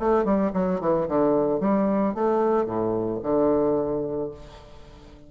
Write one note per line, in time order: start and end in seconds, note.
0.00 0.25 A3
0.25 0.52 G3
0.54 0.81 F#3
0.81 1.08 E3
1.08 1.60 D3
1.60 2.14 G3
2.15 2.66 A3
2.66 3.20 A2
3.23 4.31 D3